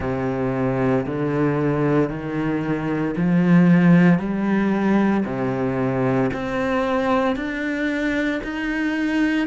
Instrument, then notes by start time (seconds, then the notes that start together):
cello
0.00 C3
1.05 D3
2.09 D#3
3.16 F3
4.18 G3
5.25 C3
6.33 C4
7.35 D4
8.43 D#4